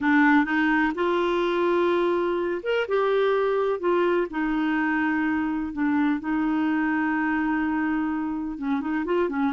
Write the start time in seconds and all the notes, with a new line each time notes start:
0.01 D4
0.44 D#4
0.94 F4
2.62 A#4
2.88 G4
3.79 F4
4.30 D#4
5.73 D4
6.19 D#4
8.58 C#4
8.81 D#4
9.05 F4
9.29 C#4